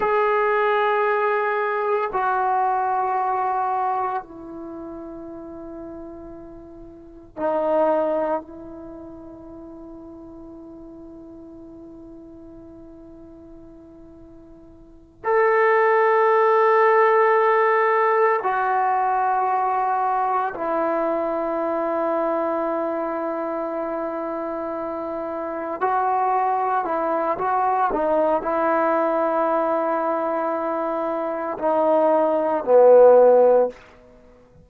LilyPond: \new Staff \with { instrumentName = "trombone" } { \time 4/4 \tempo 4 = 57 gis'2 fis'2 | e'2. dis'4 | e'1~ | e'2~ e'8 a'4.~ |
a'4. fis'2 e'8~ | e'1~ | e'8 fis'4 e'8 fis'8 dis'8 e'4~ | e'2 dis'4 b4 | }